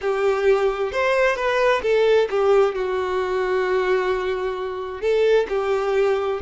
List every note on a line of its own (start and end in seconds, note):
0.01 0.92 G4
0.92 1.35 C5
1.35 1.81 B4
1.82 2.28 A4
2.30 2.75 G4
2.75 5.01 F#4
5.01 5.46 A4
5.48 6.40 G4